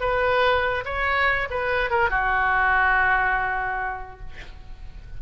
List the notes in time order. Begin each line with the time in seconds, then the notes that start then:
0.00 B4
0.85 C#5
1.50 B4
1.90 A#4
2.10 F#4